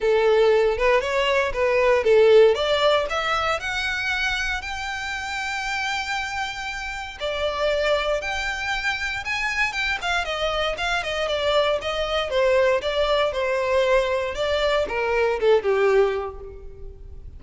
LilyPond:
\new Staff \with { instrumentName = "violin" } { \time 4/4 \tempo 4 = 117 a'4. b'8 cis''4 b'4 | a'4 d''4 e''4 fis''4~ | fis''4 g''2.~ | g''2 d''2 |
g''2 gis''4 g''8 f''8 | dis''4 f''8 dis''8 d''4 dis''4 | c''4 d''4 c''2 | d''4 ais'4 a'8 g'4. | }